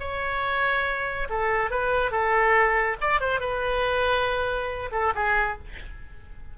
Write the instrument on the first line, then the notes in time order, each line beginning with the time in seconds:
oboe
0.00 C#5
1.30 A4
1.71 B4
2.12 A4
3.01 D5
3.21 C5
3.40 B4
4.92 A4
5.15 G#4